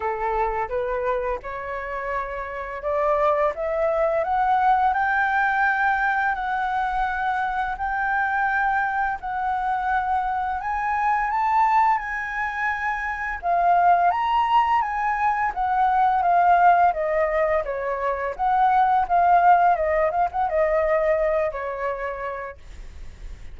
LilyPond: \new Staff \with { instrumentName = "flute" } { \time 4/4 \tempo 4 = 85 a'4 b'4 cis''2 | d''4 e''4 fis''4 g''4~ | g''4 fis''2 g''4~ | g''4 fis''2 gis''4 |
a''4 gis''2 f''4 | ais''4 gis''4 fis''4 f''4 | dis''4 cis''4 fis''4 f''4 | dis''8 f''16 fis''16 dis''4. cis''4. | }